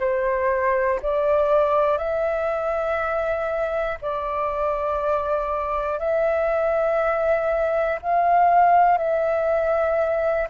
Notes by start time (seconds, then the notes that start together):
0.00 C5
1.02 D5
1.98 E5
4.01 D5
5.99 E5
8.02 F5
8.98 E5